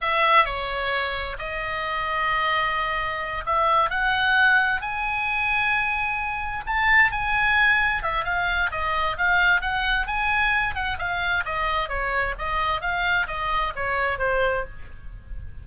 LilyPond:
\new Staff \with { instrumentName = "oboe" } { \time 4/4 \tempo 4 = 131 e''4 cis''2 dis''4~ | dis''2.~ dis''8 e''8~ | e''8 fis''2 gis''4.~ | gis''2~ gis''8 a''4 gis''8~ |
gis''4. e''8 f''4 dis''4 | f''4 fis''4 gis''4. fis''8 | f''4 dis''4 cis''4 dis''4 | f''4 dis''4 cis''4 c''4 | }